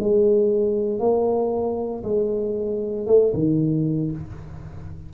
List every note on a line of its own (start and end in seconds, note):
0.00 1.00 G#3
1.00 2.03 A#3
2.04 3.07 G#3
3.07 3.33 A3
3.34 4.11 D#3